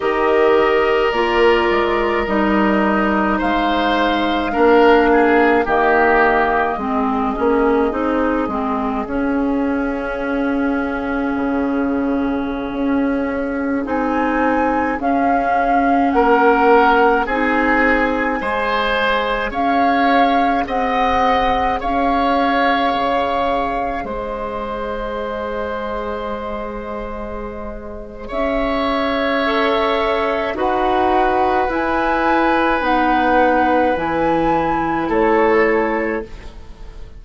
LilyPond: <<
  \new Staff \with { instrumentName = "flute" } { \time 4/4 \tempo 4 = 53 dis''4 d''4 dis''4 f''4~ | f''4 dis''2. | f''1~ | f''16 gis''4 f''4 fis''4 gis''8.~ |
gis''4~ gis''16 f''4 fis''4 f''8.~ | f''4~ f''16 dis''2~ dis''8.~ | dis''4 e''2 fis''4 | gis''4 fis''4 gis''4 cis''4 | }
  \new Staff \with { instrumentName = "oboe" } { \time 4/4 ais'2. c''4 | ais'8 gis'8 g'4 gis'2~ | gis'1~ | gis'2~ gis'16 ais'4 gis'8.~ |
gis'16 c''4 cis''4 dis''4 cis''8.~ | cis''4~ cis''16 c''2~ c''8.~ | c''4 cis''2 b'4~ | b'2. a'4 | }
  \new Staff \with { instrumentName = "clarinet" } { \time 4/4 g'4 f'4 dis'2 | d'4 ais4 c'8 cis'8 dis'8 c'8 | cis'1~ | cis'16 dis'4 cis'2 dis'8.~ |
dis'16 gis'2.~ gis'8.~ | gis'1~ | gis'2 a'4 fis'4 | e'4 dis'4 e'2 | }
  \new Staff \with { instrumentName = "bassoon" } { \time 4/4 dis4 ais8 gis8 g4 gis4 | ais4 dis4 gis8 ais8 c'8 gis8 | cis'2 cis4~ cis16 cis'8.~ | cis'16 c'4 cis'4 ais4 c'8.~ |
c'16 gis4 cis'4 c'4 cis'8.~ | cis'16 cis4 gis2~ gis8.~ | gis4 cis'2 dis'4 | e'4 b4 e4 a4 | }
>>